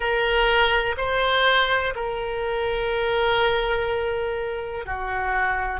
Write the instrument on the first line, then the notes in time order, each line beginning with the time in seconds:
oboe
0.00 A#4
0.97 C5
1.95 A#4
4.85 F#4